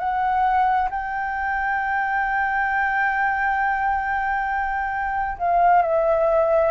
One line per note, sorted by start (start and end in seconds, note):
0.00 0.90 F#5
0.90 5.38 G5
5.39 5.82 F5
5.82 6.71 E5